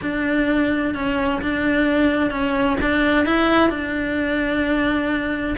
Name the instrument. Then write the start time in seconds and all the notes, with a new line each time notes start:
cello
0.01 D4
0.94 C#4
1.41 D4
2.30 C#4
2.81 D4
3.25 E4
3.69 D4